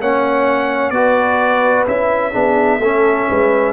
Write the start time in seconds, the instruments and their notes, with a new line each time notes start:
0.00 tuba A#3, trombone C#4, horn C#5, trumpet F#5
0.90 tuba B3, trombone F#4, horn B4, trumpet D5
1.87 tuba C#4, trombone E4, trumpet E5
2.32 tuba B3, trombone D4, horn G#4
2.79 tuba A3, trombone C#4, horn A4
3.29 tuba G#3, horn B4